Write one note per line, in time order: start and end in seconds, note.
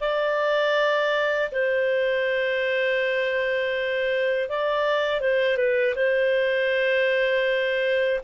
0.00 1.50 D5
1.51 4.49 C5
4.49 5.20 D5
5.20 5.57 C5
5.57 5.94 B4
5.95 8.20 C5